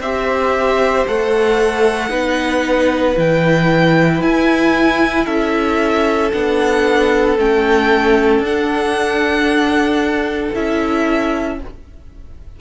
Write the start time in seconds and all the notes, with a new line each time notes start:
0.00 C4 G4 C5 E5
1.08 A3 A4 F#5
2.09 B3 D#4 B4
3.16 E3 E4 G5
4.22 E4 G#5
5.24 C#4 A4 E5
6.32 B3 D4 F#5
7.38 A3 C#4 G5
8.39 D4 F#5
10.54 C#4 E4 E5